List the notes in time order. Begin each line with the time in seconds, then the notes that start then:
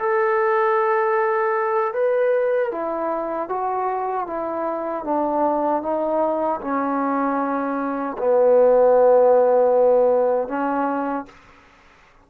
0.00 A4
1.94 B4
2.72 E4
3.49 F#4
4.27 E4
5.05 D4
5.83 D#4
6.62 C#4
8.19 B3
10.48 C#4